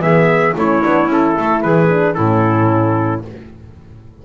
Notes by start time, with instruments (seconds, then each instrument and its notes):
0.00 double bass E3, horn B3, clarinet G#4, trumpet E5
0.57 double bass A3, horn C#4, clarinet E4, trumpet C#5
0.82 double bass B3, horn D4
1.07 double bass C#4, horn E4, trumpet A4
1.36 double bass A3, clarinet A4
1.63 double bass E3, clarinet G#4, trumpet B4
1.90 horn D4
2.15 double bass A2, horn C#4, clarinet E4, trumpet A4